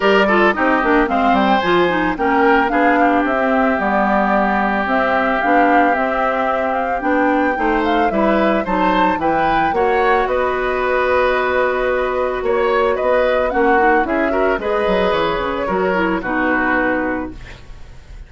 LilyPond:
<<
  \new Staff \with { instrumentName = "flute" } { \time 4/4 \tempo 4 = 111 d''4 dis''4 f''8 g''8 gis''4 | g''4 f''4 e''4 d''4~ | d''4 e''4 f''4 e''4~ | e''8 f''8 g''4. f''8 e''4 |
a''4 g''4 fis''4 dis''4~ | dis''2. cis''4 | dis''4 fis''4 e''4 dis''4 | cis''2 b'2 | }
  \new Staff \with { instrumentName = "oboe" } { \time 4/4 ais'8 a'8 g'4 c''2 | ais'4 gis'8 g'2~ g'8~ | g'1~ | g'2 c''4 b'4 |
c''4 b'4 cis''4 b'4~ | b'2. cis''4 | b'4 fis'4 gis'8 ais'8 b'4~ | b'4 ais'4 fis'2 | }
  \new Staff \with { instrumentName = "clarinet" } { \time 4/4 g'8 f'8 dis'8 d'8 c'4 f'8 dis'8 | cis'4 d'4~ d'16 c'8. b4~ | b4 c'4 d'4 c'4~ | c'4 d'4 dis'4 e'4 |
dis'4 e'4 fis'2~ | fis'1~ | fis'4 cis'8 dis'8 e'8 fis'8 gis'4~ | gis'4 fis'8 e'8 dis'2 | }
  \new Staff \with { instrumentName = "bassoon" } { \time 4/4 g4 c'8 ais8 gis8 g8 f4 | ais4 b4 c'4 g4~ | g4 c'4 b4 c'4~ | c'4 b4 a4 g4 |
fis4 e4 ais4 b4~ | b2. ais4 | b4 ais4 cis'4 gis8 fis8 | e8 cis8 fis4 b,2 | }
>>